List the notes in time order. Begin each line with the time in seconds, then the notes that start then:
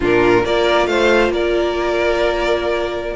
0.00 A#2 D4 F4 A#4
0.44 A#3 F4 A#4 D5
0.86 A3 C5 F5
1.29 A#3 A#4 D5